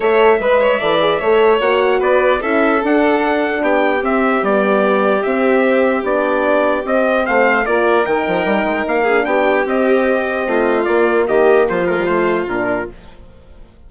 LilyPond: <<
  \new Staff \with { instrumentName = "trumpet" } { \time 4/4 \tempo 4 = 149 e''1 | fis''4 d''4 e''4 fis''4~ | fis''4 g''4 e''4 d''4~ | d''4 e''2 d''4~ |
d''4 dis''4 f''4 d''4 | g''2 f''4 g''4 | dis''2. d''4 | dis''4 c''8 ais'8 c''4 ais'4 | }
  \new Staff \with { instrumentName = "violin" } { \time 4/4 cis''4 b'8 cis''8 d''4 cis''4~ | cis''4 b'4 a'2~ | a'4 g'2.~ | g'1~ |
g'2 c''4 ais'4~ | ais'2~ ais'8 gis'8 g'4~ | g'2 f'2 | g'4 f'2. | }
  \new Staff \with { instrumentName = "horn" } { \time 4/4 a'4 b'4 a'8 gis'8 a'4 | fis'2 e'4 d'4~ | d'2 c'4 b4~ | b4 c'2 d'4~ |
d'4 c'2 f'4 | dis'2~ dis'8 d'4. | c'2. ais4~ | ais4. a16 g16 a4 d'4 | }
  \new Staff \with { instrumentName = "bassoon" } { \time 4/4 a4 gis4 e4 a4 | ais4 b4 cis'4 d'4~ | d'4 b4 c'4 g4~ | g4 c'2 b4~ |
b4 c'4 a4 ais4 | dis8 f8 g8 gis8 ais4 b4 | c'2 a4 ais4 | dis4 f2 ais,4 | }
>>